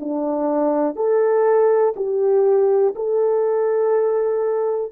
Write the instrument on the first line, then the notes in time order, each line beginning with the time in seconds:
horn
0.00 D4
0.96 A4
1.96 G4
2.96 A4